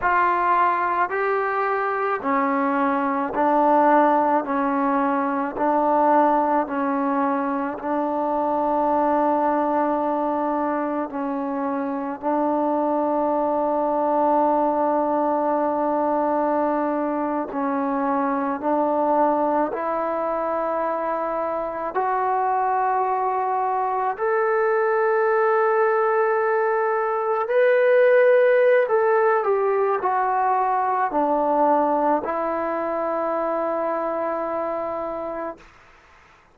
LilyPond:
\new Staff \with { instrumentName = "trombone" } { \time 4/4 \tempo 4 = 54 f'4 g'4 cis'4 d'4 | cis'4 d'4 cis'4 d'4~ | d'2 cis'4 d'4~ | d'2.~ d'8. cis'16~ |
cis'8. d'4 e'2 fis'16~ | fis'4.~ fis'16 a'2~ a'16~ | a'8. b'4~ b'16 a'8 g'8 fis'4 | d'4 e'2. | }